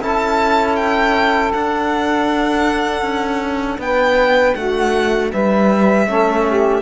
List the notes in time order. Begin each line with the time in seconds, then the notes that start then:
0.00 C#4 E4 A4 A5
0.76 G5
1.53 D4 F#5
3.02 C#4
3.78 B3 G5
3.85 B4
4.55 A3 F#4 F#5
5.32 G3 B4 E5
6.07 A3 C#4 A4
6.47 G4